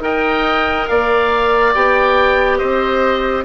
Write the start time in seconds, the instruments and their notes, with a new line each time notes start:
0.00 bassoon D#4, clarinet A#4, oboe D#5 G5
0.88 bassoon A#3, oboe D5 F5
1.74 bassoon B3, clarinet G4, oboe G5
2.58 bassoon C4, oboe C5 D#5